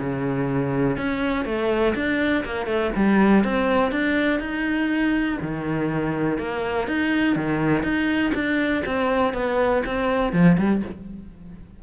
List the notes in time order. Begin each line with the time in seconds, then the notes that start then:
0.00 C#3
0.97 C#4
1.45 A3
1.95 D4
2.45 A#3
2.66 A3
2.96 G3
3.44 C4
3.91 D4
4.40 D#4
5.42 D#3
6.38 A#3
6.87 D#4
7.36 D#3
7.83 D#4
8.34 D4
8.85 C4
9.34 B3
9.86 C4
10.33 F3
10.58 G3